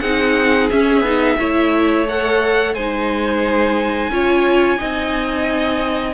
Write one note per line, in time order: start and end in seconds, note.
0.00 0.69 C4
0.00 0.70 D#4
0.00 1.37 G#4
0.00 0.68 F#5
0.70 1.04 C#4
0.70 1.00 C#4
0.70 2.07 E5
1.00 1.34 B3
1.00 1.38 D#4
1.39 2.75 A3
1.39 2.07 E4
1.39 2.74 C#5
2.08 2.76 A4
2.08 2.74 F#5
2.74 4.09 G#3
2.74 4.12 D#4
2.74 4.11 C5
2.74 6.14 G#5
4.09 4.78 C#4
4.09 4.77 F4
4.09 4.78 C#5
4.77 6.14 C4
4.77 6.13 D#4
4.77 6.14 D#5